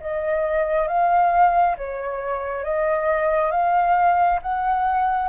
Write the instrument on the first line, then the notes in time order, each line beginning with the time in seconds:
flute
0.00 D#5
0.87 F5
1.77 C#5
2.64 D#5
3.51 F5
4.42 F#5